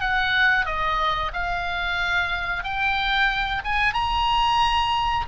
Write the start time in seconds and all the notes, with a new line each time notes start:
0.00 F#5
0.66 D#5
1.33 F5
2.63 G5
3.64 G#5
3.94 A#5